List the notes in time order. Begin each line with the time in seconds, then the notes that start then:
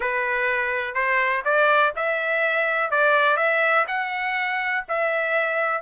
0.00 B4
0.94 C5
1.44 D5
1.96 E5
2.90 D5
3.37 E5
3.87 F#5
4.88 E5